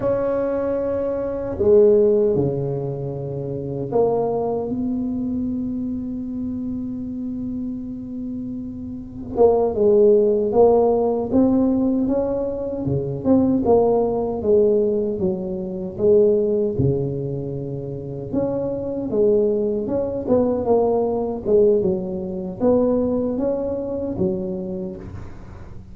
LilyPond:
\new Staff \with { instrumentName = "tuba" } { \time 4/4 \tempo 4 = 77 cis'2 gis4 cis4~ | cis4 ais4 b2~ | b1 | ais8 gis4 ais4 c'4 cis'8~ |
cis'8 cis8 c'8 ais4 gis4 fis8~ | fis8 gis4 cis2 cis'8~ | cis'8 gis4 cis'8 b8 ais4 gis8 | fis4 b4 cis'4 fis4 | }